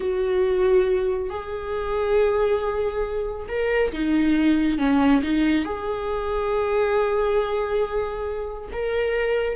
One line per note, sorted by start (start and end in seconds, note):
0.00 1.29 F#4
1.29 3.47 G#4
3.48 3.92 A#4
3.92 4.78 D#4
4.78 5.22 C#4
5.22 5.64 D#4
5.64 8.69 G#4
8.72 9.56 A#4